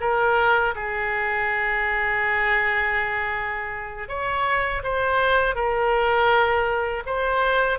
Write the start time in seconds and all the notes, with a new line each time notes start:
0.00 A#4
0.75 G#4
4.08 C#5
4.83 C5
5.55 A#4
7.06 C5